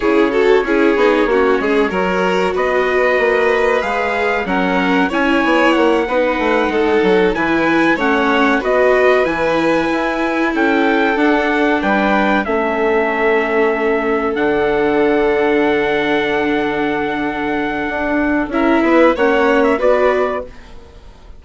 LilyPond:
<<
  \new Staff \with { instrumentName = "trumpet" } { \time 4/4 \tempo 4 = 94 cis''1 | dis''2 f''4 fis''4 | gis''4 fis''2~ fis''8 gis''8~ | gis''8 fis''4 dis''4 gis''4.~ |
gis''8 g''4 fis''4 g''4 e''8~ | e''2~ e''8 fis''4.~ | fis''1~ | fis''4 e''4 fis''8. e''16 d''4 | }
  \new Staff \with { instrumentName = "violin" } { \time 4/4 gis'8 a'8 gis'4 fis'8 gis'8 ais'4 | b'2. ais'4 | cis''4. b'4 a'4 b'8~ | b'8 cis''4 b'2~ b'8~ |
b'8 a'2 b'4 a'8~ | a'1~ | a'1~ | a'4 ais'8 b'8 cis''4 b'4 | }
  \new Staff \with { instrumentName = "viola" } { \time 4/4 e'8 fis'8 e'8 dis'8 cis'4 fis'4~ | fis'2 gis'4 cis'4 | e'4. dis'2 e'8~ | e'8 cis'4 fis'4 e'4.~ |
e'4. d'2 cis'8~ | cis'2~ cis'8 d'4.~ | d'1~ | d'4 e'4 cis'4 fis'4 | }
  \new Staff \with { instrumentName = "bassoon" } { \time 4/4 cis4 cis'8 b8 ais8 gis8 fis4 | b4 ais4 gis4 fis4 | cis'8 b8 ais8 b8 a8 gis8 fis8 e8~ | e8 a4 b4 e4 e'8~ |
e'8 cis'4 d'4 g4 a8~ | a2~ a8 d4.~ | d1 | d'4 cis'8 b8 ais4 b4 | }
>>